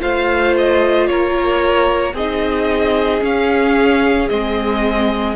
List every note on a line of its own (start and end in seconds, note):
0.00 1.08 A3
0.00 2.14 F4
0.00 1.08 C5
0.00 0.56 F5
0.58 1.07 D#5
1.07 2.14 A#3
1.07 2.14 A#4
1.07 2.14 C#5
2.14 3.21 C4
2.14 3.21 D#4
2.14 5.35 G#4
2.14 3.24 D#5
3.21 4.28 C#4
3.21 4.29 C#4
3.21 4.29 F5
4.29 5.36 G#3
4.29 5.36 C4
4.29 5.36 D#5